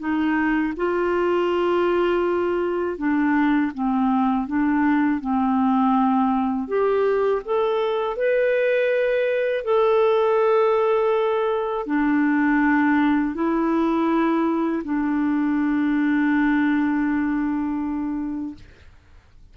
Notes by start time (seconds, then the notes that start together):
0.00 D#4
0.77 F4
2.98 D4
3.75 C4
4.47 D4
5.21 C4
6.68 G4
7.45 A4
8.17 B4
9.65 A4
11.87 D4
13.35 E4
14.85 D4